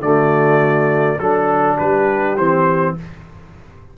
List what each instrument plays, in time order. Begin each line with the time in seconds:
0.00 tuba D3, trombone A3, horn F#4, trumpet D5
1.19 tuba F#3, trombone D4, trumpet A4, horn A4
1.76 tuba G3, horn G4, trumpet B4
2.37 tuba E3, trombone C4, trumpet C5